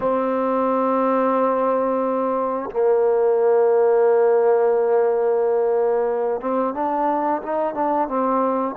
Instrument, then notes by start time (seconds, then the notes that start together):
trombone
0.00 C4
2.70 A#3
6.40 C4
6.74 D4
7.42 D#4
7.74 D4
8.07 C4